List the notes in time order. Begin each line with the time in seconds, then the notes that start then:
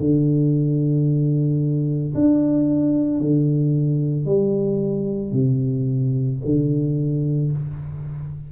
0.00 D3
2.15 D4
3.21 D3
4.26 G3
5.33 C3
6.45 D3